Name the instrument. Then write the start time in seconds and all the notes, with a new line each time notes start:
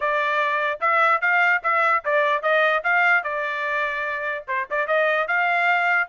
trumpet
0.00 D5
0.80 E5
1.21 F5
1.63 E5
2.04 D5
2.42 D#5
2.83 F5
3.23 D5
4.47 C5
4.70 D5
4.87 D#5
5.27 F5